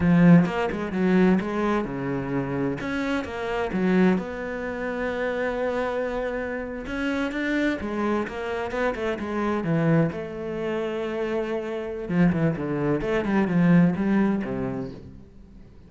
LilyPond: \new Staff \with { instrumentName = "cello" } { \time 4/4 \tempo 4 = 129 f4 ais8 gis8 fis4 gis4 | cis2 cis'4 ais4 | fis4 b2.~ | b2~ b8. cis'4 d'16~ |
d'8. gis4 ais4 b8 a8 gis16~ | gis8. e4 a2~ a16~ | a2 f8 e8 d4 | a8 g8 f4 g4 c4 | }